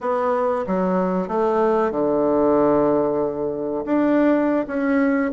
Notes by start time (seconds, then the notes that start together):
0.00 B3
0.67 F#3
1.27 A3
1.91 D3
3.85 D4
4.67 C#4